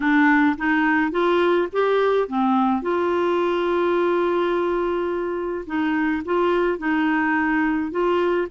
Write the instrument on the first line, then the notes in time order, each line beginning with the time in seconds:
clarinet
0.00 D4
0.57 D#4
1.11 F4
1.72 G4
2.28 C4
2.81 F4
5.66 D#4
6.25 F4
6.78 D#4
7.91 F4